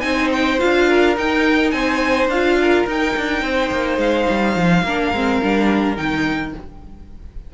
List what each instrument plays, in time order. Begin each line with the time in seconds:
0.00 cello C4, viola D#4, violin G#5
0.06 violin C5
0.32 violin G5
0.58 cello D4, viola F4, violin F5
0.89 violin A#4
1.17 cello D#4, viola D#4, violin G5
1.70 cello C4, violin C5 G#5
2.28 cello D4, viola F4, violin F5
2.62 violin A#4
2.87 cello D#4, viola D#4, violin G5
3.17 cello D4
3.42 cello C4, violin C5
3.71 cello A#3
3.98 cello G#3, violin F5
4.29 cello G3
4.56 cello F3
4.83 cello A#3, viola D4, violin A#4
5.12 cello G#3, viola C4
5.42 cello G3, viola D4
5.96 cello D#3, viola D#4, violin G5